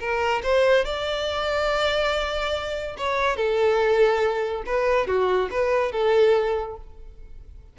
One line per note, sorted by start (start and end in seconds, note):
0.00 0.42 A#4
0.43 0.85 C5
0.85 2.96 D5
2.98 3.36 C#5
3.36 4.63 A4
4.66 5.07 B4
5.07 5.49 F#4
5.51 5.92 B4
5.92 6.77 A4